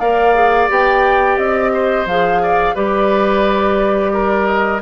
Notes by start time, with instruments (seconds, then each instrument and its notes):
0.00 bassoon A#3, clarinet A#4, oboe D5, flute F5
0.35 clarinet G#4
0.69 bassoon B3, clarinet G4, flute G5
1.38 bassoon C4, flute D#5
1.73 oboe C5
2.06 bassoon F3, clarinet G#4, flute F5
2.43 oboe D5
2.75 bassoon G3, clarinet G4, oboe B4, flute D5
4.14 oboe A#4
4.46 flute D#5